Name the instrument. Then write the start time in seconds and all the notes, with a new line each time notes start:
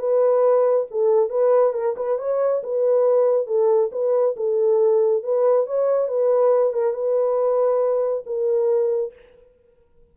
horn
0.00 B4
0.92 A4
1.30 B4
1.74 A#4
1.97 B4
2.19 C#5
2.64 B4
3.47 A4
3.92 B4
4.37 A4
5.24 B4
5.67 C#5
6.09 B4
6.74 A#4
6.94 B4
8.26 A#4